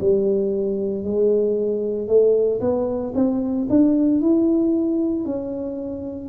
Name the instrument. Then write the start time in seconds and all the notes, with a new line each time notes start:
tuba
0.00 G3
1.04 G#3
2.08 A3
2.60 B3
3.15 C4
3.69 D4
4.21 E4
5.25 C#4